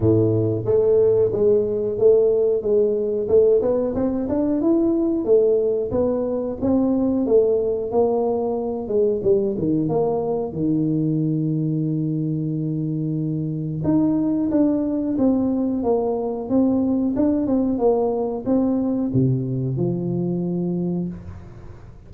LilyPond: \new Staff \with { instrumentName = "tuba" } { \time 4/4 \tempo 4 = 91 a,4 a4 gis4 a4 | gis4 a8 b8 c'8 d'8 e'4 | a4 b4 c'4 a4 | ais4. gis8 g8 dis8 ais4 |
dis1~ | dis4 dis'4 d'4 c'4 | ais4 c'4 d'8 c'8 ais4 | c'4 c4 f2 | }